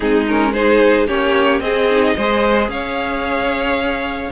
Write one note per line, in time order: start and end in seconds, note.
0.00 1.08 G#3
0.00 0.26 C4
0.00 0.52 D#4
0.00 0.26 G#4
0.27 0.55 C#4
0.27 0.52 A#4
0.52 1.07 D#4
0.52 1.06 G#4
0.52 1.07 C5
1.06 1.60 A#3
1.06 1.61 C#4
1.06 1.60 G4
1.06 1.60 C#5
1.60 2.14 C4
1.60 2.15 G#4
1.60 2.68 D#5
1.66 1.90 C4
1.90 2.17 D#4
2.15 2.67 G#3
2.15 4.31 G#4
2.15 2.69 C5
2.67 4.30 C#4
2.67 4.31 C#5
2.67 4.31 F5